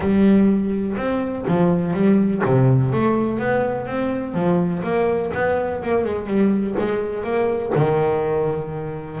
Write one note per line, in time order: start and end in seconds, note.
0.00 0.95 G3
0.97 1.45 C4
1.47 1.93 F3
1.93 2.41 G3
2.45 2.92 C3
2.92 3.38 A3
3.38 3.86 B3
3.86 4.34 C4
4.34 4.82 F3
4.83 5.31 A#3
5.34 5.82 B3
5.82 6.04 A#3
6.04 6.26 G#3
6.26 6.75 G3
6.78 7.23 G#3
7.23 7.72 A#3
7.75 9.20 D#3